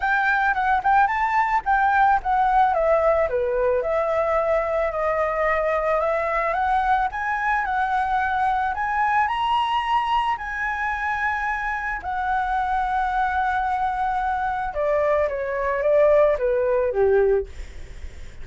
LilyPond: \new Staff \with { instrumentName = "flute" } { \time 4/4 \tempo 4 = 110 g''4 fis''8 g''8 a''4 g''4 | fis''4 e''4 b'4 e''4~ | e''4 dis''2 e''4 | fis''4 gis''4 fis''2 |
gis''4 ais''2 gis''4~ | gis''2 fis''2~ | fis''2. d''4 | cis''4 d''4 b'4 g'4 | }